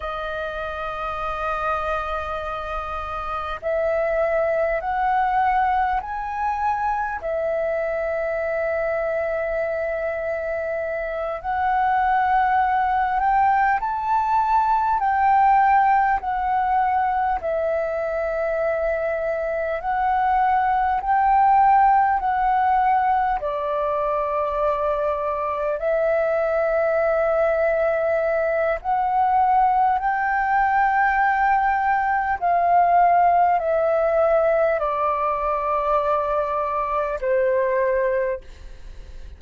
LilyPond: \new Staff \with { instrumentName = "flute" } { \time 4/4 \tempo 4 = 50 dis''2. e''4 | fis''4 gis''4 e''2~ | e''4. fis''4. g''8 a''8~ | a''8 g''4 fis''4 e''4.~ |
e''8 fis''4 g''4 fis''4 d''8~ | d''4. e''2~ e''8 | fis''4 g''2 f''4 | e''4 d''2 c''4 | }